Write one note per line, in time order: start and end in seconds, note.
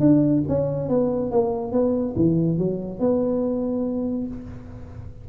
0.00 0.43 D4
0.49 0.89 C#4
0.89 1.31 B3
1.31 1.72 A#3
1.72 2.15 B3
2.16 2.58 E3
2.58 3.00 F#3
3.00 4.27 B3